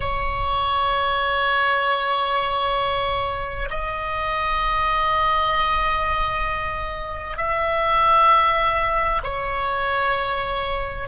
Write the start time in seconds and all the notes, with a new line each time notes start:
0.00 C#5
3.70 D#5
7.37 E5
9.23 C#5